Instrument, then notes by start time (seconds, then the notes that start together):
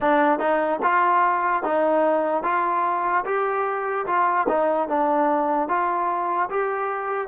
trombone
0.00 D4
0.39 D#4
0.82 F4
1.63 D#4
2.43 F4
3.25 G4
4.06 F4
4.48 D#4
4.88 D4
5.68 F4
6.49 G4